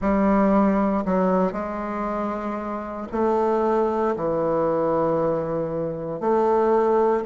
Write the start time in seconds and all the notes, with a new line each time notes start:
0.00 G3
1.05 F#3
1.52 G#3
3.11 A3
4.16 E3
6.20 A3